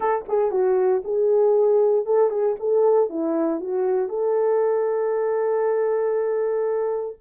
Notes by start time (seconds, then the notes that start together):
0.00 A4
0.28 G#4
0.51 F#4
1.04 G#4
2.05 A4
2.29 G#4
2.59 A4
3.09 E4
3.60 F#4
4.08 A4